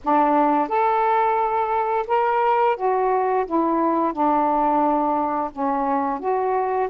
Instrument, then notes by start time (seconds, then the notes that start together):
saxophone
0.03 D4
0.68 A4
2.07 A#4
2.76 F#4
3.46 E4
4.12 D4
5.52 C#4
6.19 F#4